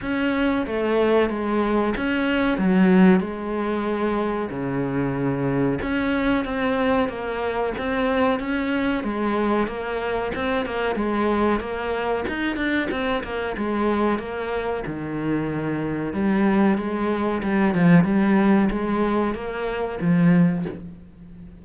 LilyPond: \new Staff \with { instrumentName = "cello" } { \time 4/4 \tempo 4 = 93 cis'4 a4 gis4 cis'4 | fis4 gis2 cis4~ | cis4 cis'4 c'4 ais4 | c'4 cis'4 gis4 ais4 |
c'8 ais8 gis4 ais4 dis'8 d'8 | c'8 ais8 gis4 ais4 dis4~ | dis4 g4 gis4 g8 f8 | g4 gis4 ais4 f4 | }